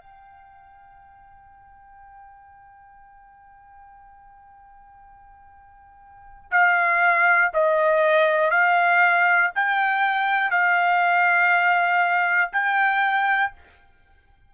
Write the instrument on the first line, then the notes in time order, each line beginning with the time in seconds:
trumpet
0.00 G5
6.51 F5
7.54 D#5
8.50 F5
9.55 G5
10.51 F5
12.52 G5